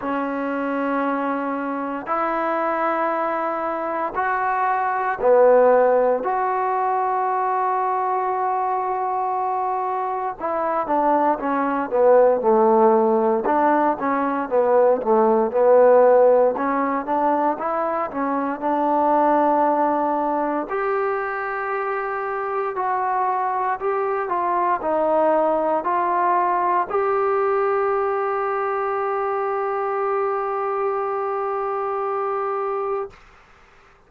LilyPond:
\new Staff \with { instrumentName = "trombone" } { \time 4/4 \tempo 4 = 58 cis'2 e'2 | fis'4 b4 fis'2~ | fis'2 e'8 d'8 cis'8 b8 | a4 d'8 cis'8 b8 a8 b4 |
cis'8 d'8 e'8 cis'8 d'2 | g'2 fis'4 g'8 f'8 | dis'4 f'4 g'2~ | g'1 | }